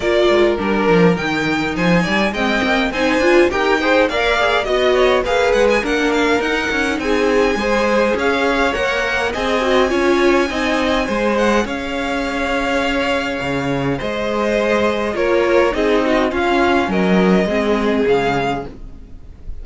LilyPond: <<
  \new Staff \with { instrumentName = "violin" } { \time 4/4 \tempo 4 = 103 d''4 ais'4 g''4 gis''4 | g''4 gis''4 g''4 f''4 | dis''4 f''8 fis''16 gis''16 fis''8 f''8 fis''4 | gis''2 f''4 fis''4 |
gis''2.~ gis''8 fis''8 | f''1 | dis''2 cis''4 dis''4 | f''4 dis''2 f''4 | }
  \new Staff \with { instrumentName = "violin" } { \time 4/4 ais'2. c''8 d''8 | dis''4 c''4 ais'8 c''8 d''4 | dis''8 cis''8 b'4 ais'2 | gis'4 c''4 cis''2 |
dis''4 cis''4 dis''4 c''4 | cis''1 | c''2 ais'4 gis'8 fis'8 | f'4 ais'4 gis'2 | }
  \new Staff \with { instrumentName = "viola" } { \time 4/4 f'4 d'4 dis'2 | c'4 dis'8 f'8 g'8 gis'8 ais'8 gis'8 | fis'4 gis'4 d'4 dis'4~ | dis'4 gis'2 ais'4 |
gis'8 fis'8 f'4 dis'4 gis'4~ | gis'1~ | gis'2 f'4 dis'4 | cis'2 c'4 gis4 | }
  \new Staff \with { instrumentName = "cello" } { \time 4/4 ais8 gis8 g8 f8 dis4 f8 g8 | gis8 ais8 c'8 d'8 dis'4 ais4 | b4 ais8 gis8 ais4 dis'8 cis'8 | c'4 gis4 cis'4 ais4 |
c'4 cis'4 c'4 gis4 | cis'2. cis4 | gis2 ais4 c'4 | cis'4 fis4 gis4 cis4 | }
>>